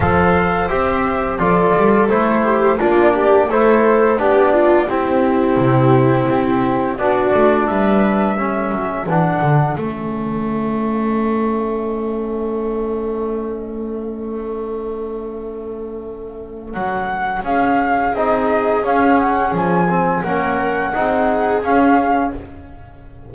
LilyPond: <<
  \new Staff \with { instrumentName = "flute" } { \time 4/4 \tempo 4 = 86 f''4 e''4 d''4 c''4 | d''4 c''4 d''4 g'4~ | g'2 d''4 e''4~ | e''4 fis''4 e''2~ |
e''1~ | e''1 | fis''4 f''4 dis''4 f''8 fis''8 | gis''4 fis''2 f''4 | }
  \new Staff \with { instrumentName = "viola" } { \time 4/4 c''2 a'4. g'8 | f'8 g'8 a'4 g'8 f'8 e'4~ | e'2 fis'4 b'4 | a'1~ |
a'1~ | a'1~ | a'4 gis'2.~ | gis'4 ais'4 gis'2 | }
  \new Staff \with { instrumentName = "trombone" } { \time 4/4 a'4 g'4 f'4 e'4 | d'4 e'4 d'4 c'4~ | c'2 d'2 | cis'4 d'4 cis'2~ |
cis'1~ | cis'1~ | cis'2 dis'4 cis'4~ | cis'8 c'8 cis'4 dis'4 cis'4 | }
  \new Staff \with { instrumentName = "double bass" } { \time 4/4 f4 c'4 f8 g8 a4 | ais4 a4 b4 c'4 | c4 c'4 b8 a8 g4~ | g8 fis8 e8 d8 a2~ |
a1~ | a1 | fis4 cis'4 c'4 cis'4 | f4 ais4 c'4 cis'4 | }
>>